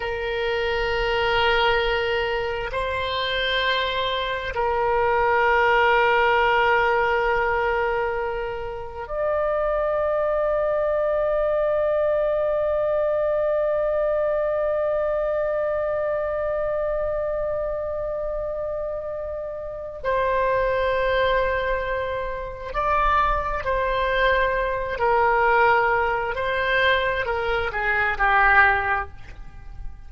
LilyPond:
\new Staff \with { instrumentName = "oboe" } { \time 4/4 \tempo 4 = 66 ais'2. c''4~ | c''4 ais'2.~ | ais'2 d''2~ | d''1~ |
d''1~ | d''2 c''2~ | c''4 d''4 c''4. ais'8~ | ais'4 c''4 ais'8 gis'8 g'4 | }